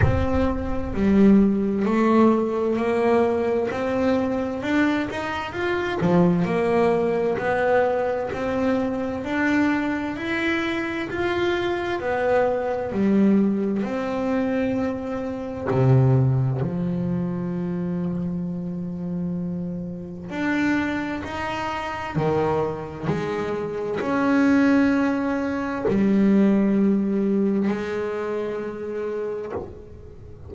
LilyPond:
\new Staff \with { instrumentName = "double bass" } { \time 4/4 \tempo 4 = 65 c'4 g4 a4 ais4 | c'4 d'8 dis'8 f'8 f8 ais4 | b4 c'4 d'4 e'4 | f'4 b4 g4 c'4~ |
c'4 c4 f2~ | f2 d'4 dis'4 | dis4 gis4 cis'2 | g2 gis2 | }